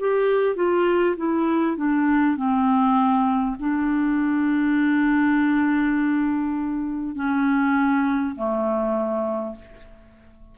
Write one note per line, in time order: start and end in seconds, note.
0.00 0.56 G4
0.56 1.16 F4
1.17 1.77 E4
1.77 2.37 D4
2.37 3.57 C4
3.59 7.16 D4
7.16 8.36 C#4
8.36 9.56 A3